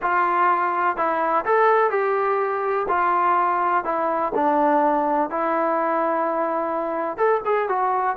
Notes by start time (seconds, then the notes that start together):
0.02 F4
0.96 E4
1.45 A4
1.90 G4
2.88 F4
3.84 E4
4.34 D4
5.30 E4
7.17 A4
7.45 G#4
7.68 F#4